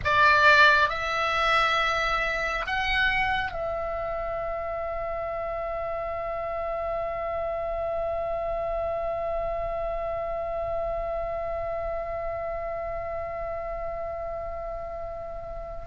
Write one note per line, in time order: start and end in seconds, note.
0.04 0.89 D5
0.89 2.66 E5
2.66 3.51 F#5
3.51 15.86 E5